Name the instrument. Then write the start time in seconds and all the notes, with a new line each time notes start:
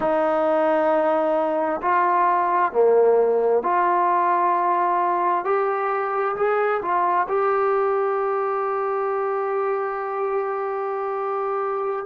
trombone
0.00 D#4
1.81 F4
2.72 A#3
3.62 F4
5.44 G4
6.36 G#4
6.81 F4
7.28 G4